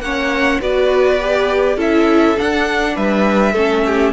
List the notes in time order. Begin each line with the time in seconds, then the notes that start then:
0.00 A#3 C#4 C#5 F#5
0.61 B3 F#4 B4 D5
1.20 G4
1.76 C#4 E4 A4 E5
2.37 D4 F#5
2.95 G3 B4 E5
3.53 A3 C#4 A4
3.86 G4